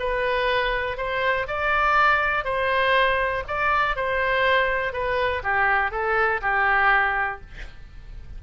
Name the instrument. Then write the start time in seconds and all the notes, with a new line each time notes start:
oboe
0.00 B4
0.97 C5
1.48 D5
2.45 C5
3.48 D5
3.96 C5
4.93 B4
5.44 G4
5.92 A4
6.42 G4